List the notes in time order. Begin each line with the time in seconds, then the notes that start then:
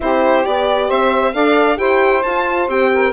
0.00 C4 E4 G4 C5
0.43 B3 G4 D5
0.87 C4 C5 E5
1.33 D4 A4 D5 F5
1.76 E4 G4 C5 G5
2.22 F4 A5
2.68 C4 G4 G5
2.93 A#4